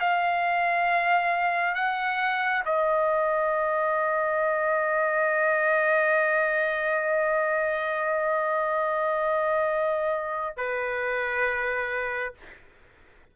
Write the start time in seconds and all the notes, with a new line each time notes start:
0.00 F5
1.74 F#5
2.65 D#5
10.57 B4